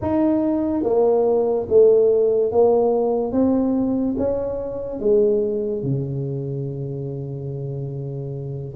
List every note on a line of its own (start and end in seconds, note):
0.01 0.83 D#4
0.83 1.66 A#3
1.68 2.51 A3
2.51 3.31 A#3
3.31 4.15 C4
4.17 4.99 C#4
4.99 5.83 G#3
5.83 8.74 C#3